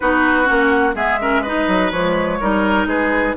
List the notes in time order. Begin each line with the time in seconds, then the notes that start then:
0.00 B3 D#4 F#4 B4
0.45 A#3 C#4 F#5
0.94 G#3 B3 G#4 E5
1.21 C#4 A#4
1.42 D#4 B4 D#5
1.67 F#3
1.91 F3 G#3 C#5
2.40 G3 D#4 A#4
2.86 G#3 G#4 B4